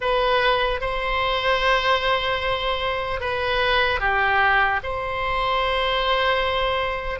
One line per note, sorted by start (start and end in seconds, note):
0.00 0.80 B4
0.80 3.20 C5
3.20 4.00 B4
4.00 4.80 G4
4.83 7.19 C5